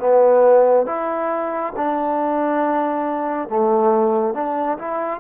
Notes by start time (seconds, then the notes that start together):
0.00 B3
0.87 E4
1.77 D4
3.49 A3
4.35 D4
4.78 E4